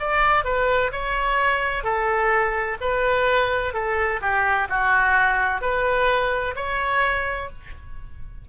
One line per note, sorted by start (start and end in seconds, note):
0.00 0.45 D5
0.45 0.92 B4
0.92 1.84 C#5
1.84 2.77 A4
2.81 3.74 B4
3.74 4.21 A4
4.21 4.68 G4
4.70 5.61 F#4
5.61 6.55 B4
6.56 7.50 C#5